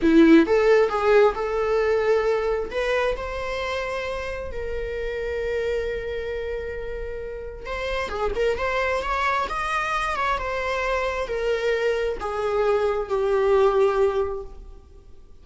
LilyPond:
\new Staff \with { instrumentName = "viola" } { \time 4/4 \tempo 4 = 133 e'4 a'4 gis'4 a'4~ | a'2 b'4 c''4~ | c''2 ais'2~ | ais'1~ |
ais'4 c''4 gis'8 ais'8 c''4 | cis''4 dis''4. cis''8 c''4~ | c''4 ais'2 gis'4~ | gis'4 g'2. | }